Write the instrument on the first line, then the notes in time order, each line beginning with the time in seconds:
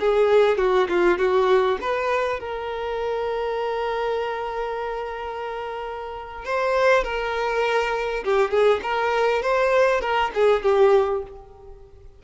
violin
0.00 G#4
0.58 F#4
0.89 F4
1.18 F#4
1.81 B4
2.40 A#4
6.45 C5
7.04 A#4
8.24 G4
8.51 G#4
8.83 A#4
9.43 C5
10.01 A#4
10.34 G#4
10.63 G4